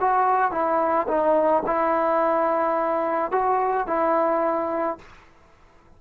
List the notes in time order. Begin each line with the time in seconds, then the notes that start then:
0.00 F#4
0.51 E4
1.07 D#4
1.66 E4
3.31 F#4
3.87 E4